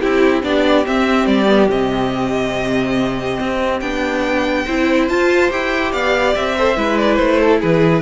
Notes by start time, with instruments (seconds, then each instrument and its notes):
0.00 cello C4, viola E4, violin E4 G4
0.42 cello B3, viola D4, violin G4 D5
0.86 viola C4, cello C4, violin E5
1.26 cello G3, violin D5
1.46 viola B3
1.69 cello C3, viola C4, violin D#5
3.39 cello C4
3.80 cello B3, viola D4, violin G5
4.65 cello C4, viola E4, violin C5
5.08 cello F4, viola F4, violin A5
5.50 cello E4, viola G4, violin G5
5.91 cello B3, violin D5 F5
6.35 cello C4, violin E5
6.57 viola A4, violin C5
6.75 cello G#3, viola E4, violin B4
6.97 violin D5
7.15 cello A3, violin C5
7.40 violin A4
7.60 cello E3, violin G#4 B4